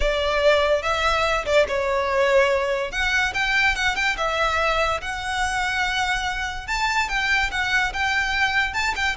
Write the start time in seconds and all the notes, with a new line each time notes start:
0.00 D5
0.82 E5
1.45 D5
1.68 C#5
2.91 F#5
3.33 G5
3.75 F#5
3.95 G5
4.17 E5
5.01 F#5
6.67 A5
7.08 G5
7.51 F#5
7.93 G5
8.73 A5
8.95 G5